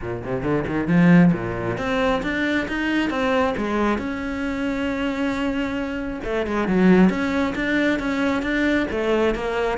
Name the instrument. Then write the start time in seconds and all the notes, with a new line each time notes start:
cello
0.01 A#2
0.24 C3
0.43 D3
0.67 D#3
0.87 F3
1.33 A#2
1.77 C4
2.22 D4
2.68 D#4
3.09 C4
3.57 G#3
3.97 C#4
6.24 A3
6.46 G#3
6.67 F#3
7.09 C#4
7.55 D4
7.99 C#4
8.42 D4
8.91 A3
9.34 A#3